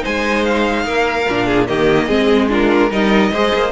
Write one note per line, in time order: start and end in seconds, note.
0.00 1.23 D#4
0.00 0.85 C5
0.00 0.45 G#5
0.06 0.85 G#3
0.45 1.67 F5
0.85 1.26 A#3
0.85 1.47 A#4
1.29 1.70 A#2
1.29 1.68 D4
1.47 1.67 G#4
1.67 2.09 D#3
1.67 2.09 A#3
1.67 2.07 G4
1.67 2.49 D#5
2.07 2.91 G#3
2.07 2.49 C4
2.07 2.48 G#4
2.49 2.90 D4
2.49 2.90 F4
2.49 2.93 A#4
2.90 3.32 G3
2.90 3.32 D#4
2.90 3.32 A#4
2.90 3.72 D#5
3.33 3.53 G#3
3.33 3.72 G#4
3.33 3.72 C5
3.54 3.72 A#3